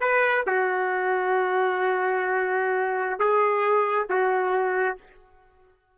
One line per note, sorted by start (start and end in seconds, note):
0.00 0.44 B4
0.47 3.19 F#4
3.19 4.07 G#4
4.09 4.97 F#4